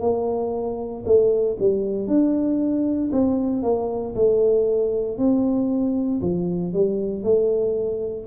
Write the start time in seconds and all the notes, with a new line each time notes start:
0.00 A#3
1.05 A3
1.59 G3
2.07 D4
3.12 C4
3.63 A#3
4.15 A3
5.17 C4
6.21 F3
6.73 G3
7.23 A3